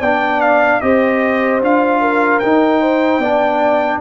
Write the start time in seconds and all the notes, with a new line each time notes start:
0.00 B3 D4 D5 G5
0.41 F5
0.81 C4 G4 C5 D#5
1.61 D4 F4 F5
2.01 A#4
2.39 D#4 G5
2.80 C5
3.18 B3 D4 D5